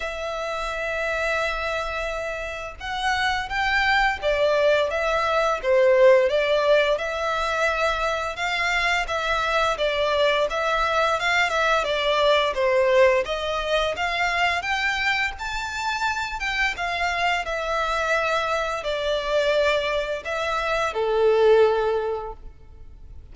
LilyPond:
\new Staff \with { instrumentName = "violin" } { \time 4/4 \tempo 4 = 86 e''1 | fis''4 g''4 d''4 e''4 | c''4 d''4 e''2 | f''4 e''4 d''4 e''4 |
f''8 e''8 d''4 c''4 dis''4 | f''4 g''4 a''4. g''8 | f''4 e''2 d''4~ | d''4 e''4 a'2 | }